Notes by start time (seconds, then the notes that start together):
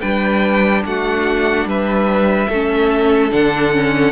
0.00 G3 D4 B4 G5
0.85 A3 F#4 F#5
1.65 G3 B4 E5
2.48 A3 C#4 A4
3.31 D3 D4 F#5
3.72 C#4